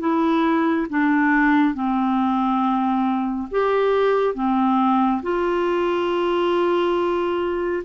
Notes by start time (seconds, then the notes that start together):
0.00 E4
0.90 D4
1.74 C4
3.51 G4
4.35 C4
5.23 F4